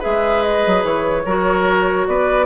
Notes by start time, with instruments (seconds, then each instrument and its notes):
0.00 clarinet G#4, oboe B4, flute E5
0.06 bassoon G#3
0.43 flute D#5
0.67 bassoon F#3
0.84 bassoon E3, flute C#5
1.26 bassoon F#3, clarinet F#4, oboe A#4
2.07 bassoon B3, oboe B4, flute D5